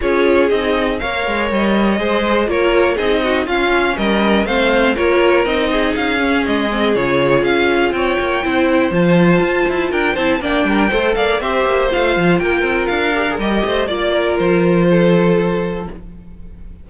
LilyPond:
<<
  \new Staff \with { instrumentName = "violin" } { \time 4/4 \tempo 4 = 121 cis''4 dis''4 f''4 dis''4~ | dis''4 cis''4 dis''4 f''4 | dis''4 f''4 cis''4 dis''4 | f''4 dis''4 cis''4 f''4 |
g''2 a''2 | g''8 a''8 g''4. f''8 e''4 | f''4 g''4 f''4 dis''4 | d''4 c''2. | }
  \new Staff \with { instrumentName = "violin" } { \time 4/4 gis'2 cis''2 | c''4 ais'4 gis'8 fis'8 f'4 | ais'4 c''4 ais'4. gis'8~ | gis'1 |
cis''4 c''2. | ais'8 c''8 d''8 ais'8 c''8 d''8 c''4~ | c''4 ais'2~ ais'8 c''8 | d''8 ais'4. a'2 | }
  \new Staff \with { instrumentName = "viola" } { \time 4/4 f'4 dis'4 ais'2 | gis'4 f'4 dis'4 cis'4~ | cis'4 c'4 f'4 dis'4~ | dis'8 cis'4 c'8 f'2~ |
f'4 e'4 f'2~ | f'8 e'8 d'4 a'4 g'4 | f'2~ f'8 g'16 gis'16 g'4 | f'1 | }
  \new Staff \with { instrumentName = "cello" } { \time 4/4 cis'4 c'4 ais8 gis8 g4 | gis4 ais4 c'4 cis'4 | g4 a4 ais4 c'4 | cis'4 gis4 cis4 cis'4 |
c'8 ais8 c'4 f4 f'8 e'8 | d'8 c'8 ais8 g8 a8 ais8 c'8 ais8 | a8 f8 ais8 c'8 d'4 g8 a8 | ais4 f2. | }
>>